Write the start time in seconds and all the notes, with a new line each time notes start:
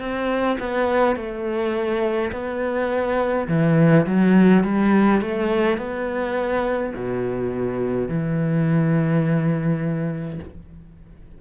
0.00 C4
0.60 B3
1.16 A3
2.32 B3
3.48 E3
4.06 F#3
4.64 G3
5.21 A3
5.77 B3
6.95 B2
8.08 E3